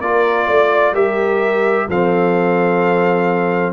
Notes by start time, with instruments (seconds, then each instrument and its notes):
0.00 tuba A#3, trombone F4, horn A#4, trumpet D5
0.46 tuba A3, horn D5
0.92 tuba G3, trombone G4, horn A#4, trumpet E5
1.88 tuba F3, trombone C4, horn A4, trumpet F5